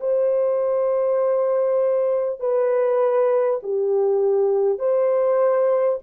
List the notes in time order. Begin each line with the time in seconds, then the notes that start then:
0.00 C5
2.39 B4
3.62 G4
4.78 C5